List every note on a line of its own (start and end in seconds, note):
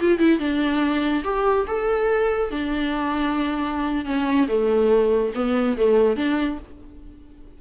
0.00 0.19 F4
0.19 0.39 E4
0.39 1.23 D4
1.24 1.66 G4
1.67 2.51 A4
2.51 4.05 D4
4.05 4.47 C#4
4.48 5.32 A3
5.34 5.76 B3
5.77 6.16 A3
6.16 6.58 D4